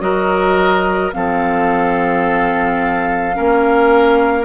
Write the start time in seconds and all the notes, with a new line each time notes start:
0.00 F#3 F#4 A#4 D#5
1.12 F3 C4 A4 F5
3.33 A#3 C#4 A#4